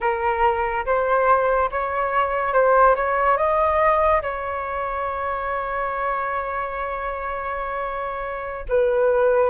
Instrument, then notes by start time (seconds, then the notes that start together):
flute
0.00 A#4
0.85 C5
1.71 C#5
2.53 C5
2.95 C#5
3.36 D#5
4.22 C#5
8.68 B4